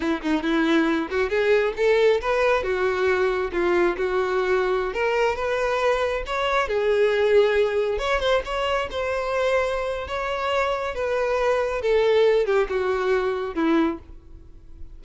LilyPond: \new Staff \with { instrumentName = "violin" } { \time 4/4 \tempo 4 = 137 e'8 dis'8 e'4. fis'8 gis'4 | a'4 b'4 fis'2 | f'4 fis'2~ fis'16 ais'8.~ | ais'16 b'2 cis''4 gis'8.~ |
gis'2~ gis'16 cis''8 c''8 cis''8.~ | cis''16 c''2~ c''8. cis''4~ | cis''4 b'2 a'4~ | a'8 g'8 fis'2 e'4 | }